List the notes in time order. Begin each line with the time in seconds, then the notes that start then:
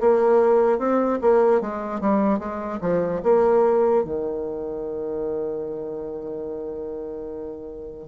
0.00 A#3
0.79 C4
1.21 A#3
1.61 G#3
2.00 G3
2.39 G#3
2.81 F3
3.23 A#3
4.04 D#3